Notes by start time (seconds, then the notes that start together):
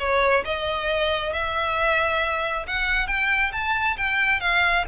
0.00 C#5
0.45 D#5
1.33 E5
2.68 F#5
3.08 G5
3.53 A5
3.98 G5
4.41 F5